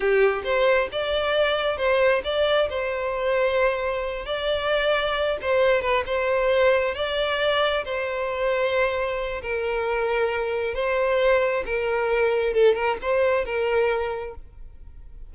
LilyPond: \new Staff \with { instrumentName = "violin" } { \time 4/4 \tempo 4 = 134 g'4 c''4 d''2 | c''4 d''4 c''2~ | c''4. d''2~ d''8 | c''4 b'8 c''2 d''8~ |
d''4. c''2~ c''8~ | c''4 ais'2. | c''2 ais'2 | a'8 ais'8 c''4 ais'2 | }